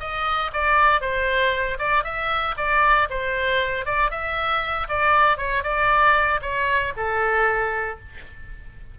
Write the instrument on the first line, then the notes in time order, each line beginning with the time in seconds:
oboe
0.00 D#5
0.53 D5
1.01 C5
1.79 D5
2.04 E5
2.57 D5
3.10 C5
3.86 D5
4.11 E5
4.89 D5
5.38 C#5
5.64 D5
6.42 C#5
6.97 A4